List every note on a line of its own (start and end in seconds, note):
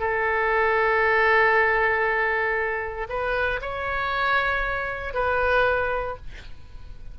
0.00 3.08 A4
3.09 3.61 B4
3.62 5.14 C#5
5.14 6.17 B4